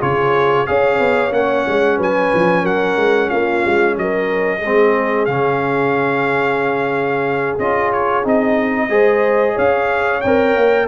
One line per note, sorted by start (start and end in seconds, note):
0.00 0.68 C#3
0.00 0.66 F4
0.00 0.66 G#4
0.00 0.66 C#5
0.66 0.98 C#4
0.66 1.30 G#4
0.66 1.97 C#5
0.66 1.32 F5
0.98 1.31 B3
1.30 1.65 A#3
1.30 4.60 C#4
1.30 1.99 F#5
1.67 1.98 G#3
1.97 2.31 F#3
1.97 2.62 B4
1.97 2.66 G#5
2.34 2.63 F3
2.62 2.96 F#3
2.62 3.28 A#4
2.62 3.29 F#5
2.96 3.29 G#3
3.29 3.65 A#3
3.29 3.95 F4
3.29 3.95 F5
3.65 3.97 G#3
3.97 4.62 F#3
3.97 4.58 A#4
3.97 5.25 D#5
4.58 5.27 G#3
4.58 8.87 G#4
4.64 5.28 C4
5.25 7.58 C#3
5.25 7.59 C#4
5.25 7.56 F5
7.58 8.24 C#4
7.58 8.23 F4
7.58 7.92 D#5
7.92 8.25 C#5
8.23 8.89 C4
8.23 8.89 D#4
8.23 9.58 D#5
8.89 9.55 G#3
8.89 10.21 G#4
8.89 9.54 C5
9.54 10.24 C#4
9.54 10.85 C#5
9.54 10.21 F5
10.21 10.55 C4
10.21 10.87 A#4
10.21 10.87 G5
10.55 10.87 A#3